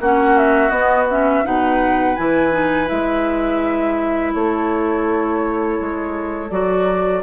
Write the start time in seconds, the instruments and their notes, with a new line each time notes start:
0.00 bassoon A#3, clarinet C#4, oboe F#4, flute F#5
0.38 flute E5
0.70 clarinet B3, bassoon B3, flute D#5
1.10 clarinet C#4, flute E5
1.44 bassoon B2, clarinet D#4, oboe B4, flute F#5
2.16 bassoon E3, clarinet E4, flute G#5
2.51 clarinet D#4
2.86 bassoon G#3, clarinet E4, flute E5
4.34 bassoon A3, oboe A4, flute C#5
5.81 bassoon G#3
6.51 bassoon F#3, clarinet F#4, flute D5